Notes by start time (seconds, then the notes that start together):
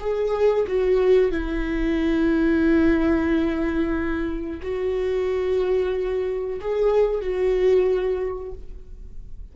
0.00 G#4
0.67 F#4
1.31 E4
4.62 F#4
6.61 G#4
7.21 F#4